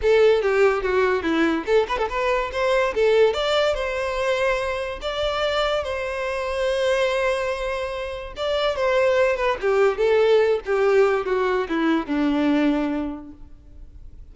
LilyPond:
\new Staff \with { instrumentName = "violin" } { \time 4/4 \tempo 4 = 144 a'4 g'4 fis'4 e'4 | a'8 b'16 a'16 b'4 c''4 a'4 | d''4 c''2. | d''2 c''2~ |
c''1 | d''4 c''4. b'8 g'4 | a'4. g'4. fis'4 | e'4 d'2. | }